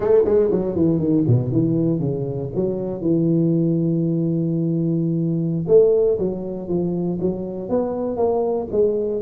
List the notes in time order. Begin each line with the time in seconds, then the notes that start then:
0.00 A3
0.24 G#3
0.51 F#3
0.75 E3
0.98 D#3
1.27 B2
1.52 E3
1.99 C#3
2.55 F#3
3.01 E3
5.67 A3
6.18 F#3
6.68 F3
7.20 F#3
7.69 B3
8.17 A#3
8.71 G#3